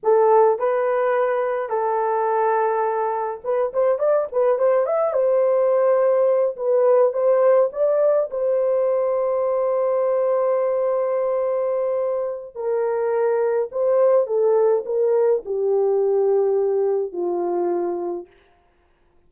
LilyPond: \new Staff \with { instrumentName = "horn" } { \time 4/4 \tempo 4 = 105 a'4 b'2 a'4~ | a'2 b'8 c''8 d''8 b'8 | c''8 e''8 c''2~ c''8 b'8~ | b'8 c''4 d''4 c''4.~ |
c''1~ | c''2 ais'2 | c''4 a'4 ais'4 g'4~ | g'2 f'2 | }